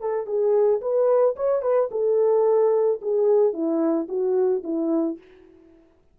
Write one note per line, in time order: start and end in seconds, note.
0.00 0.26 A4
0.26 0.80 G#4
0.81 1.35 B4
1.36 1.62 C#5
1.62 1.89 B4
1.91 3.00 A4
3.01 3.53 G#4
3.53 4.07 E4
4.08 4.63 F#4
4.63 5.17 E4